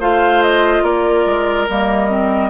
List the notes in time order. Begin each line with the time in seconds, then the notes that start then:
0.00 A3 F4 C5 F5
0.43 D#5
0.82 A#3 A#4 D5
1.26 G#3
1.69 G3 A#3 D#5
2.10 C4